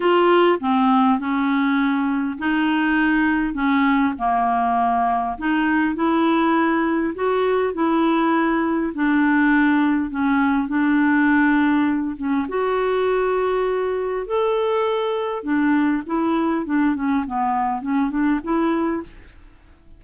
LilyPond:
\new Staff \with { instrumentName = "clarinet" } { \time 4/4 \tempo 4 = 101 f'4 c'4 cis'2 | dis'2 cis'4 ais4~ | ais4 dis'4 e'2 | fis'4 e'2 d'4~ |
d'4 cis'4 d'2~ | d'8 cis'8 fis'2. | a'2 d'4 e'4 | d'8 cis'8 b4 cis'8 d'8 e'4 | }